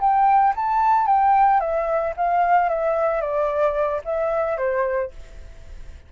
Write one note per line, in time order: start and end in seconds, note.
0.00 0.54 G5
0.56 1.06 A5
1.06 1.60 G5
1.60 2.14 E5
2.16 2.69 F5
2.69 3.21 E5
3.21 4.01 D5
4.04 4.57 E5
4.57 5.11 C5